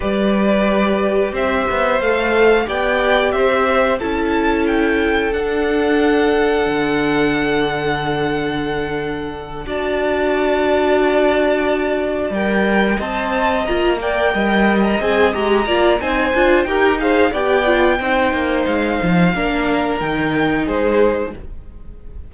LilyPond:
<<
  \new Staff \with { instrumentName = "violin" } { \time 4/4 \tempo 4 = 90 d''2 e''4 f''4 | g''4 e''4 a''4 g''4 | fis''1~ | fis''2~ fis''8 a''4.~ |
a''2~ a''8 g''4 a''8~ | a''8 ais''8 g''4~ g''16 ais''16 gis''8 ais''4 | gis''4 g''8 f''8 g''2 | f''2 g''4 c''4 | }
  \new Staff \with { instrumentName = "violin" } { \time 4/4 b'2 c''2 | d''4 c''4 a'2~ | a'1~ | a'2~ a'8 d''4.~ |
d''2.~ d''8 dis''8~ | dis''4 d''8 dis''2 d''8 | c''4 ais'8 c''8 d''4 c''4~ | c''4 ais'2 gis'4 | }
  \new Staff \with { instrumentName = "viola" } { \time 4/4 g'2. a'4 | g'2 e'2 | d'1~ | d'2~ d'8 fis'4.~ |
fis'2~ fis'8 ais'4 c''8~ | c''8 f'8 ais'4. gis'8 g'8 f'8 | dis'8 f'8 g'8 gis'8 g'8 f'8 dis'4~ | dis'4 d'4 dis'2 | }
  \new Staff \with { instrumentName = "cello" } { \time 4/4 g2 c'8 b8 a4 | b4 c'4 cis'2 | d'2 d2~ | d2~ d8 d'4.~ |
d'2~ d'8 g4 c'8~ | c'8 ais4 g4 c'8 gis8 ais8 | c'8 d'8 dis'4 b4 c'8 ais8 | gis8 f8 ais4 dis4 gis4 | }
>>